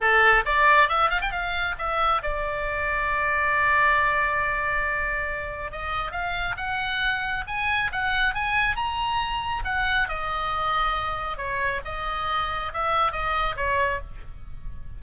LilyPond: \new Staff \with { instrumentName = "oboe" } { \time 4/4 \tempo 4 = 137 a'4 d''4 e''8 f''16 g''16 f''4 | e''4 d''2.~ | d''1~ | d''4 dis''4 f''4 fis''4~ |
fis''4 gis''4 fis''4 gis''4 | ais''2 fis''4 dis''4~ | dis''2 cis''4 dis''4~ | dis''4 e''4 dis''4 cis''4 | }